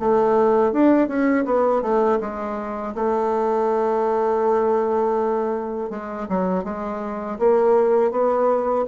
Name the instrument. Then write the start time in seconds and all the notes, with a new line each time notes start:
bassoon
0.00 A3
0.72 D4
1.08 C#4
1.46 B3
1.82 A3
2.21 G#3
2.95 A3
5.90 G#3
6.29 F#3
6.64 G#3
7.39 A#3
8.11 B3